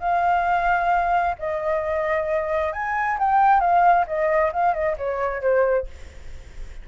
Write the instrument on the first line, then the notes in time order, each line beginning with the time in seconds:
flute
0.00 F5
1.39 D#5
2.73 G#5
3.19 G5
3.60 F5
4.07 D#5
4.53 F5
4.74 D#5
4.98 C#5
5.42 C5